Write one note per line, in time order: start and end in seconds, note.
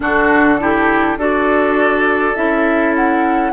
0.00 1.16 D3
0.00 0.58 D4
0.00 0.60 F#4
0.00 1.19 A4
0.59 1.18 E4
0.59 1.18 G4
1.16 2.34 D4
1.16 2.35 F#4
1.16 3.52 A4
1.16 2.35 D5
2.35 3.52 C#4
2.35 3.52 E4
2.35 2.94 E5
2.95 3.52 F#5